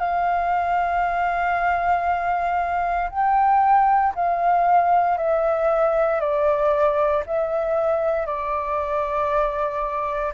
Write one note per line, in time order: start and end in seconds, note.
0.00 3.10 F5
3.11 4.14 G5
4.15 5.18 F5
5.18 6.20 E5
6.20 7.24 D5
7.26 8.27 E5
8.27 10.34 D5